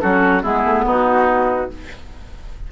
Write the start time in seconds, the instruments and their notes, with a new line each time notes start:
0.00 bassoon F#3, clarinet C#4, oboe F#4, flute A4
0.42 bassoon G#3, clarinet B3, oboe E4, flute G#4
0.64 bassoon A3
0.84 bassoon B3, oboe D#4, flute F#4